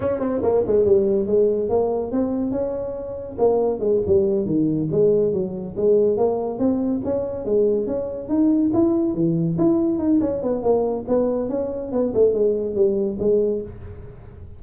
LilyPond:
\new Staff \with { instrumentName = "tuba" } { \time 4/4 \tempo 4 = 141 cis'8 c'8 ais8 gis8 g4 gis4 | ais4 c'4 cis'2 | ais4 gis8 g4 dis4 gis8~ | gis8 fis4 gis4 ais4 c'8~ |
c'8 cis'4 gis4 cis'4 dis'8~ | dis'8 e'4 e4 e'4 dis'8 | cis'8 b8 ais4 b4 cis'4 | b8 a8 gis4 g4 gis4 | }